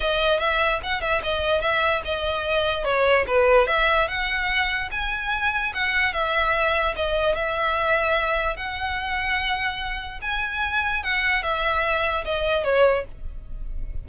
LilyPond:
\new Staff \with { instrumentName = "violin" } { \time 4/4 \tempo 4 = 147 dis''4 e''4 fis''8 e''8 dis''4 | e''4 dis''2 cis''4 | b'4 e''4 fis''2 | gis''2 fis''4 e''4~ |
e''4 dis''4 e''2~ | e''4 fis''2.~ | fis''4 gis''2 fis''4 | e''2 dis''4 cis''4 | }